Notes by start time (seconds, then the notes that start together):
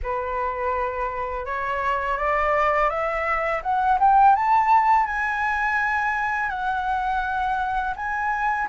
0.02 B4
1.45 C#5
2.17 D5
2.89 E5
3.62 F#5
3.99 G5
4.35 A5
5.06 G#5
6.49 F#5
7.96 G#5